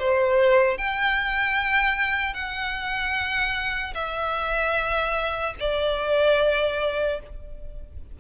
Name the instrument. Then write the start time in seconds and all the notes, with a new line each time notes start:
violin
0.00 C5
0.78 G5
2.34 F#5
3.95 E5
5.60 D5